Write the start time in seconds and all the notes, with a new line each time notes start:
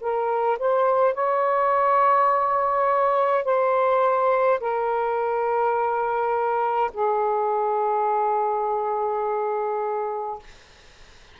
0.00 A#4
0.59 C5
1.14 C#5
3.44 C5
4.60 A#4
6.93 G#4